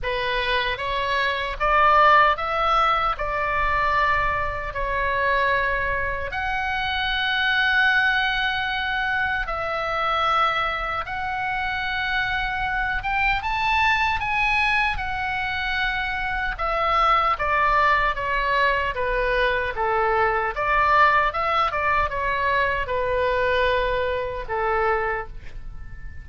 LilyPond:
\new Staff \with { instrumentName = "oboe" } { \time 4/4 \tempo 4 = 76 b'4 cis''4 d''4 e''4 | d''2 cis''2 | fis''1 | e''2 fis''2~ |
fis''8 g''8 a''4 gis''4 fis''4~ | fis''4 e''4 d''4 cis''4 | b'4 a'4 d''4 e''8 d''8 | cis''4 b'2 a'4 | }